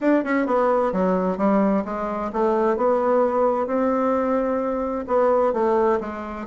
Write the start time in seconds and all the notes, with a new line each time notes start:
0.00 D4
0.23 C#4
0.46 B3
0.92 F#3
1.37 G3
1.85 G#3
2.32 A3
2.77 B3
3.66 C4
5.07 B3
5.53 A3
6.00 G#3